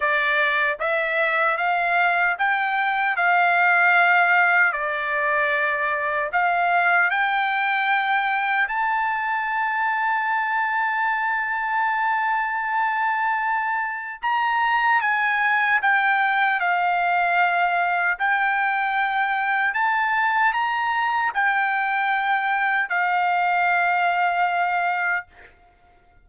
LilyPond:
\new Staff \with { instrumentName = "trumpet" } { \time 4/4 \tempo 4 = 76 d''4 e''4 f''4 g''4 | f''2 d''2 | f''4 g''2 a''4~ | a''1~ |
a''2 ais''4 gis''4 | g''4 f''2 g''4~ | g''4 a''4 ais''4 g''4~ | g''4 f''2. | }